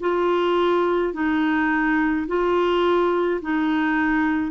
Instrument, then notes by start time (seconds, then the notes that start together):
clarinet
0.00 F4
1.13 D#4
2.27 F4
3.41 D#4